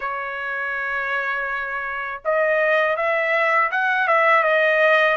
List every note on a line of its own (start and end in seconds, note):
0.00 2.21 C#5
2.24 2.96 D#5
2.96 3.70 E5
3.71 4.07 F#5
4.07 4.43 E5
4.43 5.16 D#5